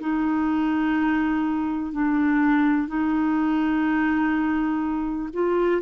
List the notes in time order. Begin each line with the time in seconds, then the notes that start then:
0.00 D#4
1.92 D4
2.87 D#4
5.33 F4